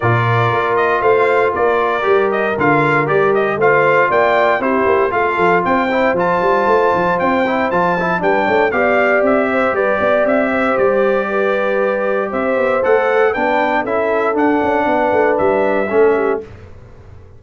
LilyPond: <<
  \new Staff \with { instrumentName = "trumpet" } { \time 4/4 \tempo 4 = 117 d''4. dis''8 f''4 d''4~ | d''8 dis''8 f''4 d''8 dis''8 f''4 | g''4 c''4 f''4 g''4 | a''2 g''4 a''4 |
g''4 f''4 e''4 d''4 | e''4 d''2. | e''4 fis''4 g''4 e''4 | fis''2 e''2 | }
  \new Staff \with { instrumentName = "horn" } { \time 4/4 ais'2 c''4 ais'4~ | ais'2. c''4 | d''4 g'4 a'4 c''4~ | c''1 |
b'8 cis''8 d''4. c''8 b'8 d''8~ | d''8 c''4. b'2 | c''2 b'4 a'4~ | a'4 b'2 a'8 g'8 | }
  \new Staff \with { instrumentName = "trombone" } { \time 4/4 f'1 | g'4 f'4 g'4 f'4~ | f'4 e'4 f'4. e'8 | f'2~ f'8 e'8 f'8 e'8 |
d'4 g'2.~ | g'1~ | g'4 a'4 d'4 e'4 | d'2. cis'4 | }
  \new Staff \with { instrumentName = "tuba" } { \time 4/4 ais,4 ais4 a4 ais4 | g4 d4 g4 a4 | ais4 c'8 ais8 a8 f8 c'4 | f8 g8 a8 f8 c'4 f4 |
g8 a8 b4 c'4 g8 b8 | c'4 g2. | c'8 b8 a4 b4 cis'4 | d'8 cis'8 b8 a8 g4 a4 | }
>>